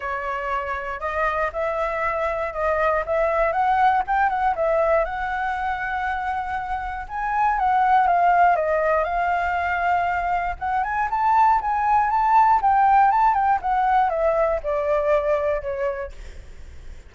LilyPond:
\new Staff \with { instrumentName = "flute" } { \time 4/4 \tempo 4 = 119 cis''2 dis''4 e''4~ | e''4 dis''4 e''4 fis''4 | g''8 fis''8 e''4 fis''2~ | fis''2 gis''4 fis''4 |
f''4 dis''4 f''2~ | f''4 fis''8 gis''8 a''4 gis''4 | a''4 g''4 a''8 g''8 fis''4 | e''4 d''2 cis''4 | }